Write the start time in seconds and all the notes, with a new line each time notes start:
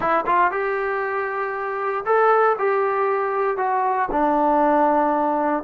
0.00 E4
0.26 F4
0.51 G4
2.05 A4
2.58 G4
3.57 F#4
4.11 D4